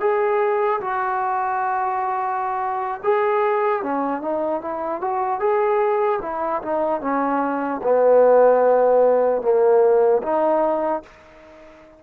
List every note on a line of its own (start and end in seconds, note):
0.00 0.80 G#4
0.80 3.00 F#4
3.04 3.83 G#4
3.83 4.21 C#4
4.21 4.61 D#4
4.61 5.01 E4
5.01 5.40 F#4
5.40 6.20 G#4
6.22 6.62 E4
6.62 7.01 D#4
7.01 7.81 C#4
7.83 9.42 B3
9.42 10.22 A#3
10.23 11.03 D#4